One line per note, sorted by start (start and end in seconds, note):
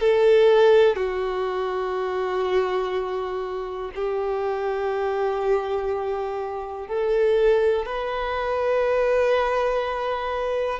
0.00 0.96 A4
0.96 3.91 F#4
3.96 6.88 G4
6.88 7.86 A4
7.86 10.80 B4